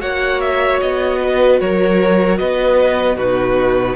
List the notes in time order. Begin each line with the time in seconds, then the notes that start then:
0.00 A#3 F#4 C#5 F#5
0.41 E5
0.81 B3 D#5
1.23 B4
1.60 F#3 A#4 C#5
2.38 B3 B4 D#5
3.17 B2 D#4 F#4 B4